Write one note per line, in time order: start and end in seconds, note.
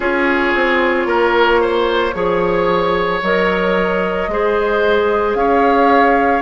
0.00 0.53 C#4
0.00 2.12 F4
0.00 1.07 G#4
0.00 3.22 C#5
0.54 1.05 C4
1.05 2.12 A#3
1.05 1.60 A#4
1.60 2.14 C5
2.13 3.21 F3
2.13 3.20 G#4
2.13 4.30 C#5
3.22 4.28 F#3
3.22 4.29 A#4
3.22 5.35 D#5
4.28 5.34 G#3
4.28 6.41 G#4
4.28 5.37 C5
5.34 6.41 C#4
5.34 6.41 C#5
5.34 6.41 F5